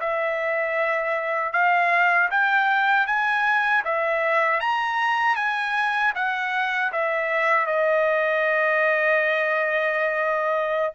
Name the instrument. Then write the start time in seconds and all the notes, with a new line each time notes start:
trumpet
0.00 E5
1.52 F5
2.30 G5
3.06 G#5
3.85 E5
4.60 A#5
5.36 G#5
6.15 F#5
6.92 E5
7.66 D#5